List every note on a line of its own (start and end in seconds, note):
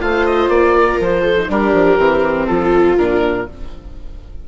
0.00 0.49 A3
0.00 1.36 F4
0.00 0.76 C5
0.00 0.26 F5
0.26 0.50 D#5
0.49 0.98 A#3
0.49 0.99 D5
0.76 1.22 A#4
1.00 1.49 F3
1.00 1.52 C5
1.22 1.47 A4
1.38 1.49 D#4
1.49 1.73 G3
1.49 1.99 D4
1.49 2.49 G4
1.49 2.47 A#4
1.73 1.98 F3
1.98 2.48 E3
1.98 2.98 C4
2.47 2.99 F3
2.47 3.48 F4
2.47 2.96 A4
2.98 3.48 A#2
2.98 3.48 D4
2.98 3.48 A#4